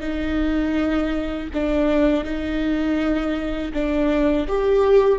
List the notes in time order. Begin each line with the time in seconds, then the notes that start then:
0.00 D#4
1.54 D4
2.24 D#4
3.73 D4
4.48 G4